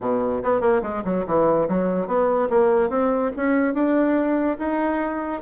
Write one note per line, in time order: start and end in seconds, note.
0.01 0.42 B2
0.43 0.60 B3
0.60 0.81 A#3
0.82 1.03 G#3
1.04 1.25 F#3
1.26 1.68 E3
1.68 2.07 F#3
2.07 2.48 B3
2.49 2.89 A#3
2.89 3.31 C4
3.36 3.74 C#4
3.74 4.57 D4
4.58 5.41 D#4